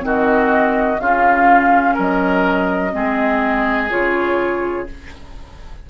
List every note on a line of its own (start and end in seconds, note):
0.00 0.99 D#3
0.00 0.97 C4
0.00 1.00 F#4
0.06 0.99 D#5
0.99 1.95 C#3
0.99 2.91 C#4
0.99 1.94 F4
0.99 1.96 F5
1.94 2.94 F#3
1.94 2.91 A#4
2.00 3.90 D#5
2.91 3.90 G#3
2.91 3.88 C4
2.91 4.89 G#4
3.89 4.90 C#3
3.89 4.86 F4
3.89 4.86 C#5